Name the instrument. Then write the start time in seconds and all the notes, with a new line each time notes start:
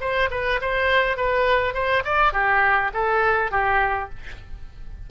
oboe
0.00 C5
0.30 B4
0.61 C5
1.17 B4
1.74 C5
2.04 D5
2.33 G4
2.93 A4
3.51 G4